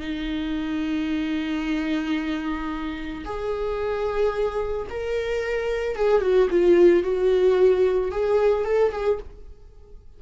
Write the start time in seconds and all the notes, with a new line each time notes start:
0.00 D#4
3.25 G#4
4.90 A#4
5.96 G#4
6.21 F#4
6.50 F4
7.03 F#4
8.11 G#4
8.65 A4
8.92 G#4